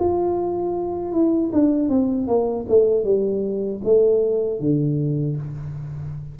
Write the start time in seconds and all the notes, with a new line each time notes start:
0.00 F4
1.13 E4
1.53 D4
1.90 C4
2.28 A#3
2.69 A3
3.05 G3
3.85 A3
4.60 D3